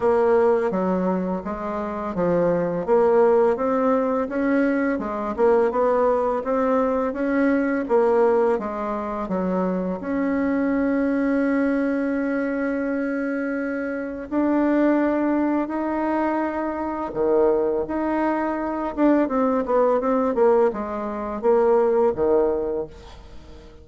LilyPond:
\new Staff \with { instrumentName = "bassoon" } { \time 4/4 \tempo 4 = 84 ais4 fis4 gis4 f4 | ais4 c'4 cis'4 gis8 ais8 | b4 c'4 cis'4 ais4 | gis4 fis4 cis'2~ |
cis'1 | d'2 dis'2 | dis4 dis'4. d'8 c'8 b8 | c'8 ais8 gis4 ais4 dis4 | }